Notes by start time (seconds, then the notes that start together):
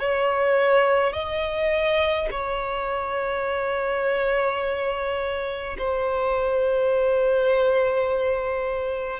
0.00 C#5
1.13 D#5
2.31 C#5
5.79 C5